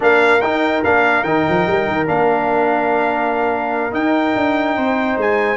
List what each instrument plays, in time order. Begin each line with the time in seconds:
0.00 tuba A#3, trombone D4, horn A#4, trumpet F5
0.41 tuba D#4, trombone D#4, trumpet G5
0.83 tuba A#3, trombone D4, trumpet F5
1.23 tuba D#3, trombone D#4, trumpet G5
1.49 tuba F3
1.66 tuba G3
1.87 tuba D#3
2.06 tuba A#3, trombone D4, trumpet F5
3.91 trombone D#4, tuba D#4, trumpet G5
4.35 tuba D4
4.76 tuba C4, horn C5
5.17 tuba G#3, trumpet G#5